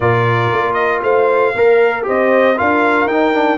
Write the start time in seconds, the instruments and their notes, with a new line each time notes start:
0.00 tuba A#2, trombone F4, horn A#4, trumpet D5
0.51 tuba A#3
0.73 trumpet D#5
1.02 tuba A3, horn C5, trumpet F5
1.55 tuba A#3, horn A#4, trombone A#4
2.03 tuba C4, trombone G4, horn C5, trumpet D#5
2.56 tuba D4, trombone F4, horn A#4, trumpet F5
3.05 tuba D#4, trombone D#4, trumpet G5
3.33 trombone D4